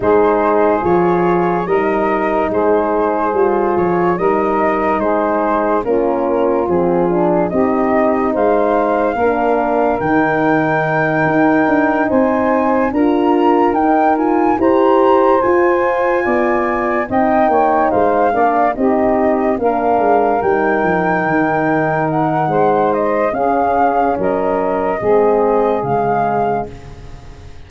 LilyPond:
<<
  \new Staff \with { instrumentName = "flute" } { \time 4/4 \tempo 4 = 72 c''4 cis''4 dis''4 c''4~ | c''8 cis''8 dis''4 c''4 ais'4 | gis'4 dis''4 f''2 | g''2~ g''8 gis''4 ais''8~ |
ais''8 g''8 gis''8 ais''4 gis''4.~ | gis''8 g''4 f''4 dis''4 f''8~ | f''8 g''2 fis''4 dis''8 | f''4 dis''2 f''4 | }
  \new Staff \with { instrumentName = "saxophone" } { \time 4/4 gis'2 ais'4 gis'4~ | gis'4 ais'4 gis'4 f'4~ | f'4 g'4 c''4 ais'4~ | ais'2~ ais'8 c''4 ais'8~ |
ais'4. c''2 d''8~ | d''8 dis''8 cis''8 c''8 d''8 g'4 ais'8~ | ais'2. c''4 | gis'4 ais'4 gis'2 | }
  \new Staff \with { instrumentName = "horn" } { \time 4/4 dis'4 f'4 dis'2 | f'4 dis'2 cis'4 | c'8 d'8 dis'2 d'4 | dis'2.~ dis'8 f'8~ |
f'8 dis'8 f'8 g'4 f'4.~ | f'8 dis'4. d'8 dis'4 d'8~ | d'8 dis'2.~ dis'8 | cis'2 c'4 gis4 | }
  \new Staff \with { instrumentName = "tuba" } { \time 4/4 gis4 f4 g4 gis4 | g8 f8 g4 gis4 ais4 | f4 c'4 gis4 ais4 | dis4. dis'8 d'8 c'4 d'8~ |
d'8 dis'4 e'4 f'4 b8~ | b8 c'8 ais8 gis8 ais8 c'4 ais8 | gis8 g8 f8 dis4. gis4 | cis'4 fis4 gis4 cis4 | }
>>